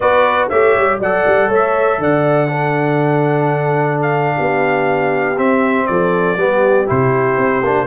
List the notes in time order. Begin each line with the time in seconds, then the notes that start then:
0.00 B3 F#4 B4 D5
0.48 A3 G4 C#5 E5
0.76 G3
0.99 F#3 A4 D5 F#5
1.26 G3
1.48 A3 C#5 E5
1.98 D3 D5 F#5
2.48 D4 A4
4.01 F5
4.36 B3 G4
5.37 C4 E5
5.86 F3 A4 D5
6.36 G3 B3 G4
6.86 C3 E4 C5
7.37 C4
7.63 A#3 D4